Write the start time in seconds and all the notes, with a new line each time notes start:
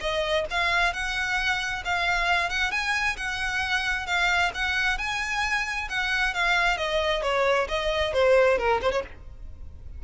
0.00 D#5
0.50 F5
0.93 F#5
1.85 F5
2.49 F#5
2.71 G#5
3.17 F#5
4.06 F5
4.54 F#5
4.98 G#5
5.89 F#5
6.34 F5
6.77 D#5
7.22 C#5
7.68 D#5
8.13 C5
8.58 A#4
8.81 C5
8.91 C#5